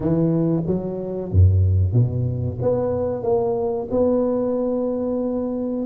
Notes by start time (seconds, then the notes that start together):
0.00 E3
0.66 F#3
1.31 F#2
1.92 B2
2.61 B3
3.23 A#3
3.90 B3